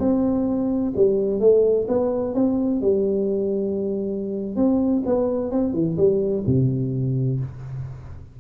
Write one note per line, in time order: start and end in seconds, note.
0.00 0.94 C4
0.96 1.40 G3
1.40 1.87 A3
1.88 2.35 B3
2.35 2.82 C4
2.82 4.57 G3
4.57 5.03 C4
5.06 5.52 B3
5.52 5.74 C4
5.74 5.97 E3
5.98 6.45 G3
6.47 7.41 C3